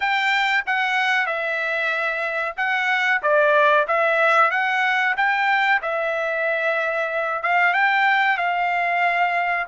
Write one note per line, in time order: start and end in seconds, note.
0.00 0.64 G5
0.66 1.26 F#5
1.26 2.55 E5
2.56 3.21 F#5
3.22 3.87 D5
3.87 4.50 E5
4.50 5.15 F#5
5.16 5.81 G5
5.82 7.42 E5
7.42 7.73 F5
7.73 8.37 G5
8.37 9.66 F5